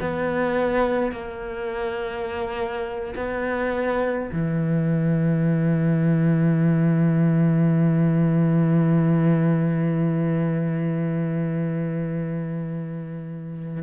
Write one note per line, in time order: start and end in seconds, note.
0.00 1.12 B3
1.12 3.14 A#3
3.15 4.30 B3
4.32 13.82 E3